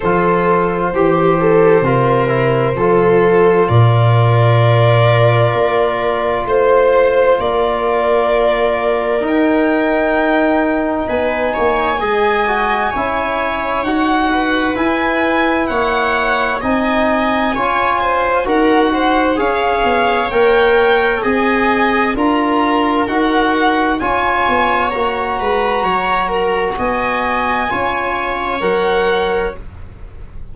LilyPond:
<<
  \new Staff \with { instrumentName = "violin" } { \time 4/4 \tempo 4 = 65 c''1 | d''2. c''4 | d''2 g''2 | gis''2. fis''4 |
gis''4 fis''4 gis''2 | fis''4 f''4 g''4 gis''4 | ais''4 fis''4 gis''4 ais''4~ | ais''4 gis''2 fis''4 | }
  \new Staff \with { instrumentName = "viola" } { \time 4/4 a'4 g'8 a'8 ais'4 a'4 | ais'2. c''4 | ais'1 | b'8 cis''8 dis''4 cis''4. b'8~ |
b'4 cis''4 dis''4 cis''8 c''8 | ais'8 c''8 cis''2 dis''4 | ais'2 cis''4. b'8 | cis''8 ais'8 dis''4 cis''2 | }
  \new Staff \with { instrumentName = "trombone" } { \time 4/4 f'4 g'4 f'8 e'8 f'4~ | f'1~ | f'2 dis'2~ | dis'4 gis'8 fis'8 e'4 fis'4 |
e'2 dis'4 f'4 | fis'4 gis'4 ais'4 gis'4 | f'4 fis'4 f'4 fis'4~ | fis'2 f'4 ais'4 | }
  \new Staff \with { instrumentName = "tuba" } { \time 4/4 f4 e4 c4 f4 | ais,2 ais4 a4 | ais2 dis'2 | b8 ais8 gis4 cis'4 dis'4 |
e'4 ais4 c'4 cis'4 | dis'4 cis'8 b8 ais4 c'4 | d'4 dis'4 cis'8 b8 ais8 gis8 | fis4 b4 cis'4 fis4 | }
>>